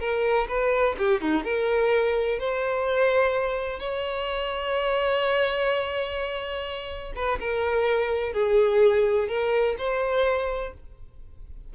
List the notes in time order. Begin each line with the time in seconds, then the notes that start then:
0.00 A#4
0.48 B4
0.98 G4
1.21 D#4
1.44 A#4
2.39 C5
3.80 C#5
7.16 B4
7.40 A#4
8.33 G#4
9.29 A#4
9.78 C5